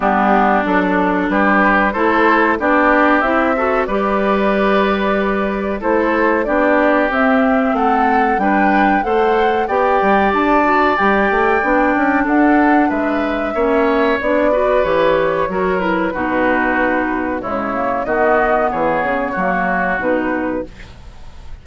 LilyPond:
<<
  \new Staff \with { instrumentName = "flute" } { \time 4/4 \tempo 4 = 93 g'4 a'4 b'4 c''4 | d''4 e''4 d''2~ | d''4 c''4 d''4 e''4 | fis''4 g''4 fis''4 g''4 |
a''4 g''2 fis''4 | e''2 d''4 cis''4~ | cis''8 b'2~ b'8 cis''4 | dis''4 cis''2 b'4 | }
  \new Staff \with { instrumentName = "oboe" } { \time 4/4 d'2 g'4 a'4 | g'4. a'8 b'2~ | b'4 a'4 g'2 | a'4 b'4 c''4 d''4~ |
d''2. a'4 | b'4 cis''4. b'4. | ais'4 fis'2 e'4 | fis'4 gis'4 fis'2 | }
  \new Staff \with { instrumentName = "clarinet" } { \time 4/4 b4 d'2 e'4 | d'4 e'8 fis'8 g'2~ | g'4 e'4 d'4 c'4~ | c'4 d'4 a'4 g'4~ |
g'8 fis'8 g'4 d'2~ | d'4 cis'4 d'8 fis'8 g'4 | fis'8 e'8 dis'2 gis8 ais8 | b2 ais4 dis'4 | }
  \new Staff \with { instrumentName = "bassoon" } { \time 4/4 g4 fis4 g4 a4 | b4 c'4 g2~ | g4 a4 b4 c'4 | a4 g4 a4 b8 g8 |
d'4 g8 a8 b8 cis'8 d'4 | gis4 ais4 b4 e4 | fis4 b,2 cis4 | dis4 e8 cis8 fis4 b,4 | }
>>